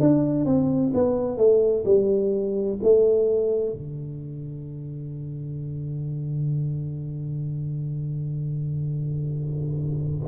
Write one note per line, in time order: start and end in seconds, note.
0.00 0.46 D4
0.46 0.92 C4
0.94 1.37 B3
1.37 1.84 A3
1.85 2.78 G3
2.83 3.72 A3
3.72 10.28 D3